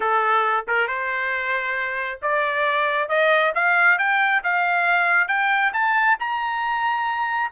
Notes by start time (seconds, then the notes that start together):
0.00 A4
0.67 A#4
0.87 C5
2.22 D5
3.08 D#5
3.54 F5
3.98 G5
4.43 F5
5.28 G5
5.73 A5
6.19 A#5